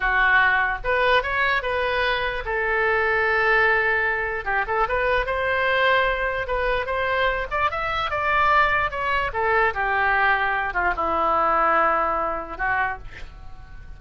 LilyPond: \new Staff \with { instrumentName = "oboe" } { \time 4/4 \tempo 4 = 148 fis'2 b'4 cis''4 | b'2 a'2~ | a'2. g'8 a'8 | b'4 c''2. |
b'4 c''4. d''8 e''4 | d''2 cis''4 a'4 | g'2~ g'8 f'8 e'4~ | e'2. fis'4 | }